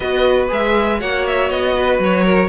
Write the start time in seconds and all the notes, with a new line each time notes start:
0.00 B3 F#4 B4 D#5
0.48 G#3 G#4 E5
0.99 A#3 F#4 C#5 F#5
1.26 E5
1.49 B3 D#5
1.76 B4
1.98 F#3 C#5
2.24 A#4